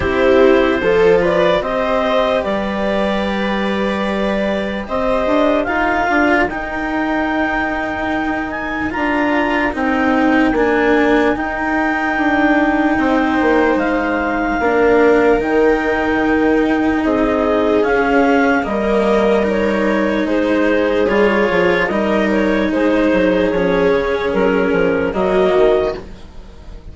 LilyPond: <<
  \new Staff \with { instrumentName = "clarinet" } { \time 4/4 \tempo 4 = 74 c''4. d''8 dis''4 d''4~ | d''2 dis''4 f''4 | g''2~ g''8 gis''8 ais''4 | g''4 gis''4 g''2~ |
g''4 f''2 g''4~ | g''4 dis''4 f''4 dis''4 | cis''4 c''4 cis''4 dis''8 cis''8 | c''4 cis''4 ais'4 dis''4 | }
  \new Staff \with { instrumentName = "viola" } { \time 4/4 g'4 a'8 b'8 c''4 b'4~ | b'2 c''4 ais'4~ | ais'1~ | ais'1 |
c''2 ais'2~ | ais'4 gis'2 ais'4~ | ais'4 gis'2 ais'4 | gis'2. fis'4 | }
  \new Staff \with { instrumentName = "cello" } { \time 4/4 e'4 f'4 g'2~ | g'2. f'4 | dis'2. f'4 | dis'4 d'4 dis'2~ |
dis'2 d'4 dis'4~ | dis'2 cis'4 ais4 | dis'2 f'4 dis'4~ | dis'4 cis'2 ais4 | }
  \new Staff \with { instrumentName = "bassoon" } { \time 4/4 c'4 f4 c'4 g4~ | g2 c'8 d'8 dis'8 d'8 | dis'2. d'4 | c'4 ais4 dis'4 d'4 |
c'8 ais8 gis4 ais4 dis4~ | dis4 c'4 cis'4 g4~ | g4 gis4 g8 f8 g4 | gis8 fis8 f8 cis8 fis8 f8 fis8 dis8 | }
>>